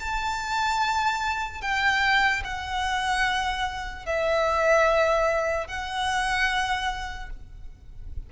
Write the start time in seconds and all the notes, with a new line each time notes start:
0.00 A5
1.61 G5
2.44 F#5
4.06 E5
5.68 F#5